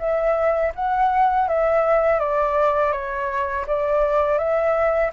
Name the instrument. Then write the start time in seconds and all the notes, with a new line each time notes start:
flute
0.00 E5
0.75 F#5
1.49 E5
2.20 D5
2.93 C#5
3.68 D5
4.38 E5